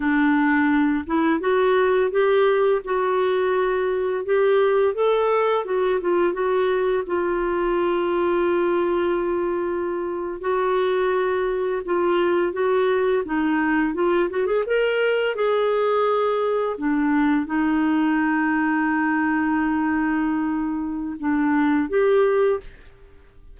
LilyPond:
\new Staff \with { instrumentName = "clarinet" } { \time 4/4 \tempo 4 = 85 d'4. e'8 fis'4 g'4 | fis'2 g'4 a'4 | fis'8 f'8 fis'4 f'2~ | f'2~ f'8. fis'4~ fis'16~ |
fis'8. f'4 fis'4 dis'4 f'16~ | f'16 fis'16 gis'16 ais'4 gis'2 d'16~ | d'8. dis'2.~ dis'16~ | dis'2 d'4 g'4 | }